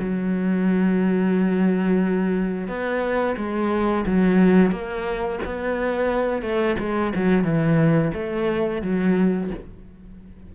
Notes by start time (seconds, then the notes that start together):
0.00 F#3
2.68 B3
3.37 G#3
4.06 F#3
4.72 A#3
5.45 B3
6.42 A3
6.79 G#3
7.16 F#3
7.44 E3
8.14 A3
8.82 F#3